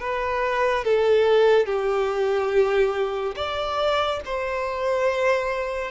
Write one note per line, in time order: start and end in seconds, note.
0.00 0.85 B4
0.85 1.66 A4
1.66 3.35 G4
3.36 4.21 D5
4.25 5.91 C5